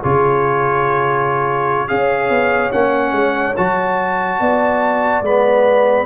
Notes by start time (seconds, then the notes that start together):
0.00 C#3 F4 G#4 C#5
1.88 C#4 G#4 C#5 F5
2.30 B3
2.72 A#3 C#4 F#5
3.12 G#3
3.57 F#3 F#4 A5
4.40 B3 D5
5.22 G#3 B3 B5